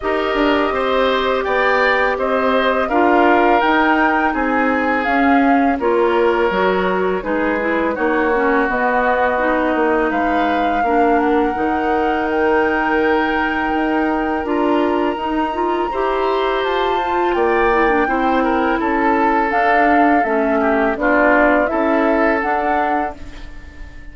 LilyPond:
<<
  \new Staff \with { instrumentName = "flute" } { \time 4/4 \tempo 4 = 83 dis''2 g''4 dis''4 | f''4 g''4 gis''4 f''4 | cis''2 b'4 cis''4 | dis''2 f''4. fis''8~ |
fis''4 g''2. | ais''2. a''4 | g''2 a''4 f''4 | e''4 d''4 e''4 fis''4 | }
  \new Staff \with { instrumentName = "oboe" } { \time 4/4 ais'4 c''4 d''4 c''4 | ais'2 gis'2 | ais'2 gis'4 fis'4~ | fis'2 b'4 ais'4~ |
ais'1~ | ais'2 c''2 | d''4 c''8 ais'8 a'2~ | a'8 g'8 f'4 a'2 | }
  \new Staff \with { instrumentName = "clarinet" } { \time 4/4 g'1 | f'4 dis'2 cis'4 | f'4 fis'4 dis'8 e'8 dis'8 cis'8 | b4 dis'2 d'4 |
dis'1 | f'4 dis'8 f'8 g'4. f'8~ | f'8 e'16 d'16 e'2 d'4 | cis'4 d'4 e'4 d'4 | }
  \new Staff \with { instrumentName = "bassoon" } { \time 4/4 dis'8 d'8 c'4 b4 c'4 | d'4 dis'4 c'4 cis'4 | ais4 fis4 gis4 ais4 | b4. ais8 gis4 ais4 |
dis2. dis'4 | d'4 dis'4 e'4 f'4 | ais4 c'4 cis'4 d'4 | a4 b4 cis'4 d'4 | }
>>